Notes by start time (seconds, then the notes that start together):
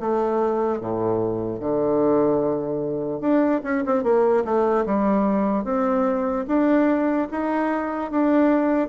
0.00 A3
0.80 A2
1.60 D3
3.21 D4
3.63 C#4
3.86 C4
4.03 A#3
4.44 A3
4.86 G3
5.64 C4
6.47 D4
7.31 D#4
8.11 D4